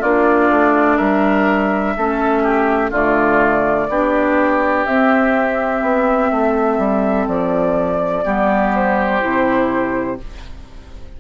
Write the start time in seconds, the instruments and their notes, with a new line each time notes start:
0.00 bassoon A#3, clarinet D4, oboe F4, flute D5
0.50 bassoon A3
0.97 bassoon G3, oboe A#4, flute E5
1.97 bassoon A3, clarinet C#4, oboe A4
2.43 oboe G4
2.91 bassoon D3, clarinet A3, oboe F4, flute D5
3.89 bassoon B3, clarinet D4, oboe G4
4.85 clarinet C4, bassoon C4, flute E5
5.82 bassoon B3
6.31 bassoon A3, oboe A4
6.78 bassoon G3
7.28 bassoon F3, flute D5
8.24 bassoon G3, clarinet B3, oboe G4
8.75 flute C5
9.21 bassoon C3, clarinet E4